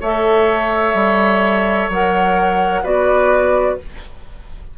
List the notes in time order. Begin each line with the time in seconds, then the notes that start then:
0.00 A3 A4 C#5 E5
0.94 G3
1.89 F#3 A#4 F#5
2.83 B3 F#4 B4 D5